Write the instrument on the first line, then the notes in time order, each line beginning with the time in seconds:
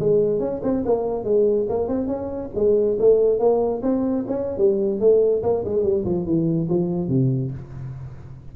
tuba
0.00 G#3
0.40 C#4
0.63 C4
0.86 A#3
1.25 G#3
1.70 A#3
1.89 C4
2.08 C#4
2.56 G#3
3.00 A3
3.39 A#3
3.83 C4
4.28 C#4
4.58 G3
5.00 A3
5.43 A#3
5.65 G#3
5.83 G3
6.05 F3
6.26 E3
6.69 F3
7.09 C3